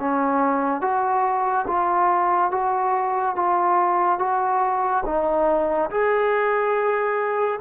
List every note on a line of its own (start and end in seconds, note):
0.00 0.82 C#4
0.82 1.66 F#4
1.68 2.52 F4
2.52 3.36 F#4
3.36 4.19 F4
4.19 5.04 F#4
5.06 5.90 D#4
5.91 7.60 G#4